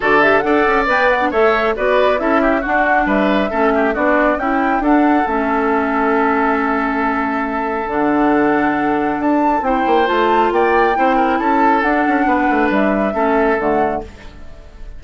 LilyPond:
<<
  \new Staff \with { instrumentName = "flute" } { \time 4/4 \tempo 4 = 137 d''8 e''8 fis''4 g''8 fis''8 e''4 | d''4 e''4 fis''4 e''4~ | e''4 d''4 g''4 fis''4 | e''1~ |
e''2 fis''2~ | fis''4 a''4 g''4 a''4 | g''2 a''4 fis''4~ | fis''4 e''2 fis''4 | }
  \new Staff \with { instrumentName = "oboe" } { \time 4/4 a'4 d''2 cis''4 | b'4 a'8 g'8 fis'4 b'4 | a'8 g'8 fis'4 e'4 a'4~ | a'1~ |
a'1~ | a'2 c''2 | d''4 c''8 ais'8 a'2 | b'2 a'2 | }
  \new Staff \with { instrumentName = "clarinet" } { \time 4/4 fis'8 g'8 a'4 b'8. d'16 a'4 | fis'4 e'4 d'2 | cis'4 d'4 e'4 d'4 | cis'1~ |
cis'2 d'2~ | d'2 e'4 f'4~ | f'4 e'2 d'4~ | d'2 cis'4 a4 | }
  \new Staff \with { instrumentName = "bassoon" } { \time 4/4 d4 d'8 cis'8 b4 a4 | b4 cis'4 d'4 g4 | a4 b4 cis'4 d'4 | a1~ |
a2 d2~ | d4 d'4 c'8 ais8 a4 | ais4 c'4 cis'4 d'8 cis'8 | b8 a8 g4 a4 d4 | }
>>